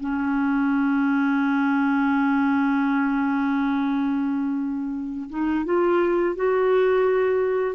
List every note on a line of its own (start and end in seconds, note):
0.00 5.29 C#4
5.30 5.65 D#4
5.65 6.36 F4
6.36 7.76 F#4